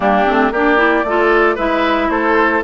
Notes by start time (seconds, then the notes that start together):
0.00 G3 A#3 D4 G4
0.25 A3 C4
0.51 A#3 D4 G4 D5
0.77 E4
1.04 A3 F4 A4
1.55 G#3 E4 B4 E5
2.09 A3 A4 C5